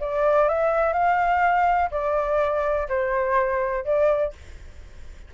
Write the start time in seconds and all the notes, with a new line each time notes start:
0.00 D5
0.48 E5
0.93 F5
1.91 D5
2.88 C5
3.84 D5